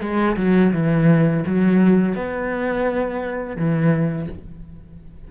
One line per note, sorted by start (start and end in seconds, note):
0.00 0.36 G#3
0.36 0.72 F#3
0.72 1.44 E3
1.46 2.15 F#3
2.15 3.56 B3
3.56 4.28 E3